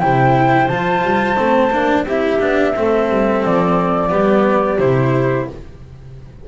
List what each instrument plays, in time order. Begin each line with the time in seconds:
0.00 double bass C3, cello E4, clarinet C5, flute G5
0.68 double bass F3, cello F4, flute A5
1.03 double bass G3
1.36 double bass A3, cello C4
1.72 double bass A#3, cello D4
2.04 double bass C4, cello E4, clarinet G4, flute E5
2.40 double bass B3, cello D4
2.76 double bass A3, cello C4, clarinet A4
3.10 double bass G3
3.45 double bass F3, flute D5
4.10 double bass G3, cello B3, clarinet G4
4.79 double bass C3, cello E4, flute C5